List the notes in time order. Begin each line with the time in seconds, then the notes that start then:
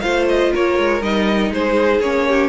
0.00 A3 F4 C5 F5
0.28 D#5
0.52 A#3 A#4 C#5
0.78 G#3
1.01 G3 D#4 D#5
1.50 G#3 G#4 C5
2.00 A#3 C#4 C#5
2.28 G4